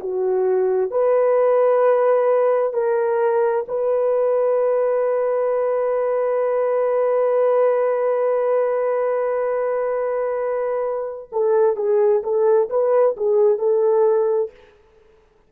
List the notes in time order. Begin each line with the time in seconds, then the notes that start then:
0.00 F#4
0.91 B4
2.73 A#4
3.68 B4
11.32 A4
11.76 G#4
12.23 A4
12.70 B4
13.17 G#4
13.58 A4